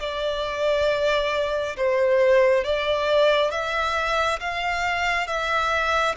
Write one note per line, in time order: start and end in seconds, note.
0.00 1.76 D5
1.76 2.64 C5
2.64 3.51 D5
3.51 4.40 E5
4.40 5.27 F5
5.27 6.15 E5